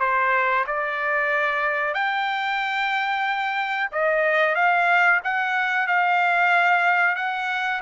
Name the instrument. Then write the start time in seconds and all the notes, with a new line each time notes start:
trumpet
0.00 C5
0.67 D5
1.94 G5
3.92 D#5
4.55 F5
5.24 F#5
5.87 F5
7.16 F#5